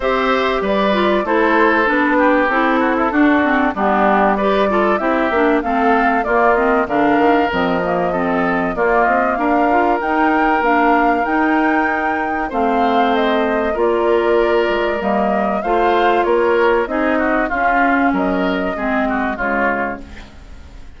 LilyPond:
<<
  \new Staff \with { instrumentName = "flute" } { \time 4/4 \tempo 4 = 96 e''4 d''4 c''4 b'4 | a'2 g'4 d''4 | e''4 f''4 d''8 dis''8 f''4 | dis''2 d''8 dis''8 f''4 |
g''4 f''4 g''2 | f''4 dis''4 d''2 | dis''4 f''4 cis''4 dis''4 | f''4 dis''2 cis''4 | }
  \new Staff \with { instrumentName = "oboe" } { \time 4/4 c''4 b'4 a'4. g'8~ | g'8 fis'16 e'16 fis'4 d'4 b'8 a'8 | g'4 a'4 f'4 ais'4~ | ais'4 a'4 f'4 ais'4~ |
ais'1 | c''2 ais'2~ | ais'4 c''4 ais'4 gis'8 fis'8 | f'4 ais'4 gis'8 fis'8 f'4 | }
  \new Staff \with { instrumentName = "clarinet" } { \time 4/4 g'4. f'8 e'4 d'4 | e'4 d'8 c'8 b4 g'8 f'8 | e'8 d'8 c'4 ais8 c'8 d'4 | c'8 ais8 c'4 ais4. f'8 |
dis'4 d'4 dis'2 | c'2 f'2 | ais4 f'2 dis'4 | cis'2 c'4 gis4 | }
  \new Staff \with { instrumentName = "bassoon" } { \time 4/4 c'4 g4 a4 b4 | c'4 d'4 g2 | c'8 ais8 a4 ais4 d8 dis8 | f2 ais8 c'8 d'4 |
dis'4 ais4 dis'2 | a2 ais4. gis8 | g4 a4 ais4 c'4 | cis'4 fis4 gis4 cis4 | }
>>